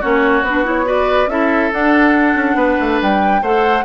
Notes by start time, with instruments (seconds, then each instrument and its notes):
0.00 bassoon A#3, clarinet C#4, oboe F#4, flute C#5
0.42 bassoon B3, flute B4
0.48 clarinet D4
0.64 clarinet E4, flute C#5
0.84 clarinet F#4, oboe B4, flute D5
1.27 bassoon C#4, clarinet E4, oboe A4, flute E5
1.72 clarinet D4, bassoon D4, flute F#5
2.34 bassoon C#4
2.55 bassoon B3, oboe B4
2.80 bassoon A3
3.02 bassoon G3, flute G5
3.41 bassoon A3, clarinet A4, oboe C5, flute F#5